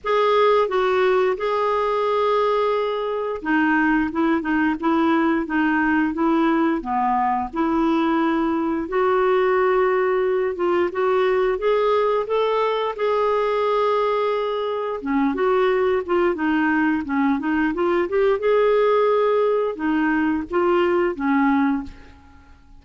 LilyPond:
\new Staff \with { instrumentName = "clarinet" } { \time 4/4 \tempo 4 = 88 gis'4 fis'4 gis'2~ | gis'4 dis'4 e'8 dis'8 e'4 | dis'4 e'4 b4 e'4~ | e'4 fis'2~ fis'8 f'8 |
fis'4 gis'4 a'4 gis'4~ | gis'2 cis'8 fis'4 f'8 | dis'4 cis'8 dis'8 f'8 g'8 gis'4~ | gis'4 dis'4 f'4 cis'4 | }